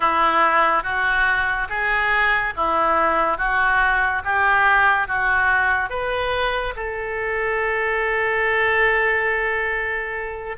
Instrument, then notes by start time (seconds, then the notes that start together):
oboe
0.00 E4
0.83 F#4
1.69 G#4
2.56 E4
3.37 F#4
4.24 G4
5.07 F#4
5.89 B4
6.76 A4